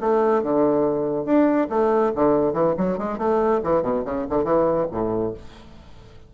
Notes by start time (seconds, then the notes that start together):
0.00 A3
0.42 D3
1.25 D4
1.69 A3
2.15 D3
2.53 E3
2.77 F#3
2.98 G#3
3.18 A3
3.63 E3
3.82 B2
4.04 C#3
4.29 D3
4.44 E3
4.91 A2